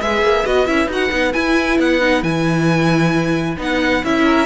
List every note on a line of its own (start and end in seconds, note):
0.00 0.22 G#3
0.00 0.45 G#4
0.00 4.24 B4
0.00 0.45 E5
0.22 0.44 A#3
0.45 0.68 B3
0.45 0.66 F#4
0.45 0.66 D#5
0.66 0.87 C#4
0.66 0.89 E4
0.66 0.88 E5
0.87 1.09 D#4
0.87 1.09 F#4
0.87 1.33 F#5
1.09 1.33 B3
1.09 1.32 D#4
1.33 2.00 E4
1.33 1.78 E4
1.33 1.77 G#5
1.78 2.22 B3
1.78 2.23 F#5
2.00 2.22 D#4
2.22 3.57 E3
2.22 3.56 E4
2.22 3.57 G#5
3.58 4.03 B3
3.58 4.02 D#4
3.58 4.04 F#5
4.03 4.46 C#4
4.03 4.46 E4
4.03 4.46 E5
4.24 4.46 A#4